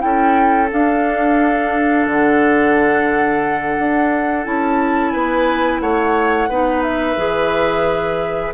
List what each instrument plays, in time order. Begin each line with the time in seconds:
0.00 bassoon C#4, clarinet E4, oboe A4, flute G5
0.72 clarinet D4, bassoon D4, flute F5
2.07 bassoon D3, flute F#5
3.79 bassoon D4
4.45 bassoon C#4, clarinet E4, flute A5
5.11 bassoon B3, oboe B4, flute G#5
5.81 bassoon A3, oboe C#5, flute F#5
6.49 bassoon B3, clarinet D#4, oboe B4
6.83 flute E5
7.17 bassoon E3, clarinet G#4